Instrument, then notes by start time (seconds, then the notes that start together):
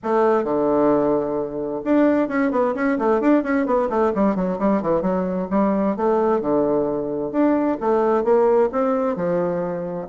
bassoon
0.03 A3
0.44 D3
1.84 D4
2.28 C#4
2.51 B3
2.74 C#4
2.98 A3
3.20 D4
3.43 C#4
3.66 B3
3.89 A3
4.15 G3
4.35 F#3
4.59 G3
4.82 E3
5.01 F#3
5.50 G3
5.96 A3
6.40 D3
7.31 D4
7.80 A3
8.23 A#3
8.72 C4
9.16 F3